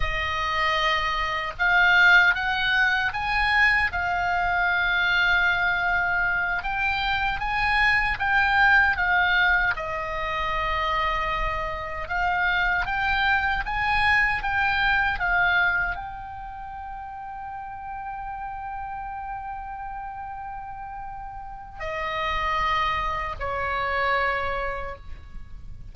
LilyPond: \new Staff \with { instrumentName = "oboe" } { \time 4/4 \tempo 4 = 77 dis''2 f''4 fis''4 | gis''4 f''2.~ | f''8 g''4 gis''4 g''4 f''8~ | f''8 dis''2. f''8~ |
f''8 g''4 gis''4 g''4 f''8~ | f''8 g''2.~ g''8~ | g''1 | dis''2 cis''2 | }